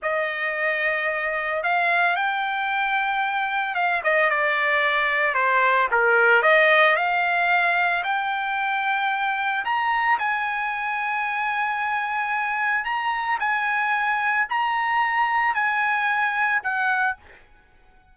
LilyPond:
\new Staff \with { instrumentName = "trumpet" } { \time 4/4 \tempo 4 = 112 dis''2. f''4 | g''2. f''8 dis''8 | d''2 c''4 ais'4 | dis''4 f''2 g''4~ |
g''2 ais''4 gis''4~ | gis''1 | ais''4 gis''2 ais''4~ | ais''4 gis''2 fis''4 | }